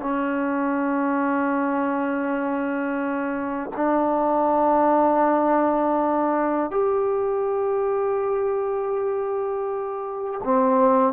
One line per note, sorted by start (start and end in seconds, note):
0.00 3.70 C#4
3.77 6.71 D4
6.71 10.41 G4
10.44 11.13 C4